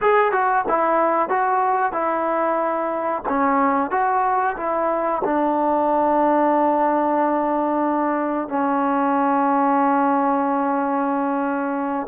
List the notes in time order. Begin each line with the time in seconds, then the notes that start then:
0.01 G#4
0.32 F#4
0.68 E4
1.29 F#4
1.92 E4
3.28 C#4
3.90 F#4
4.57 E4
5.24 D4
8.48 C#4